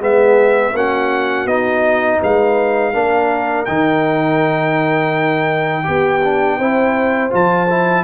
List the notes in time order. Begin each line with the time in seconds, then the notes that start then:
0.00 G#3 B3 G#4 E5
0.74 A#3 C#4 F#4 F#5
1.46 B3 D#4 D#5
2.20 G#3 B4 F5
2.93 A#3 D4 A#4
3.66 D#3 D#4 G5
5.84 B3 G4
6.24 D4
6.58 C4 E4 C5
7.30 F3 F4 A5
7.70 E4